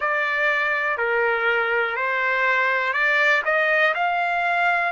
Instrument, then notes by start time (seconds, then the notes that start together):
trumpet
0.00 D5
0.97 A#4
1.95 C5
2.92 D5
3.44 D#5
3.94 F5